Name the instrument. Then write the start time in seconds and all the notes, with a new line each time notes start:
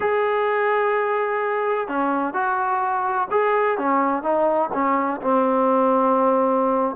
trombone
0.00 G#4
1.87 C#4
2.33 F#4
3.30 G#4
3.78 C#4
4.23 D#4
4.73 C#4
5.21 C4